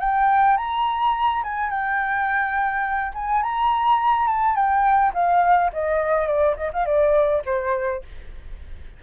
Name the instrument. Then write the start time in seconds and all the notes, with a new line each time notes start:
flute
0.00 G5
0.57 A#5
1.44 G#5
1.70 G5
3.14 G#5
3.43 A#5
4.28 A5
4.55 G5
5.14 F5
5.73 D#5
6.27 D5
6.57 D#5
6.73 F5
6.86 D5
7.45 C5